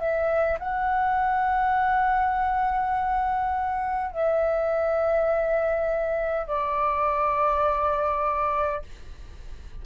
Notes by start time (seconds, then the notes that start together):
0.00 E5
0.59 F#5
4.12 E5
6.47 D5